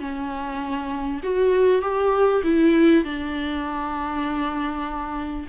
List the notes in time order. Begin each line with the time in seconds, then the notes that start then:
0.00 C#4
1.23 F#4
1.82 G4
2.44 E4
3.05 D4